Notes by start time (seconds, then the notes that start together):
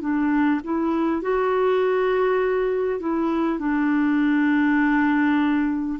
0.00 D4
0.64 E4
1.21 F#4
2.99 E4
3.59 D4